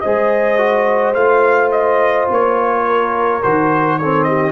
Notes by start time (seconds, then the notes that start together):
0.00 G#3 G#4 C5 D#5
0.58 F#4
1.14 A3 F4 F5
1.71 D#5
2.29 A#3 C#5
2.85 A#4
3.42 D#3 F#4 C5
3.98 C4 A4 C#5
4.22 G4 D#5